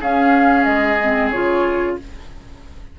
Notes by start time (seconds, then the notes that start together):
0.00 C#4 G#4 F5
0.64 G#3 D#5
1.02 C4
1.30 C#3 F4 C#5